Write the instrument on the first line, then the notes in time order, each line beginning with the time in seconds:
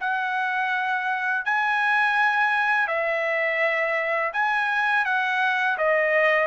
trumpet
0.00 F#5
1.45 G#5
2.87 E5
4.33 G#5
5.05 F#5
5.78 D#5